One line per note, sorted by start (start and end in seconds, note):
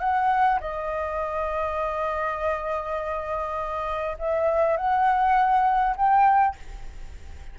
0.00 0.59 F#5
0.60 4.17 D#5
4.19 4.77 E5
4.77 5.96 F#5
5.96 6.56 G5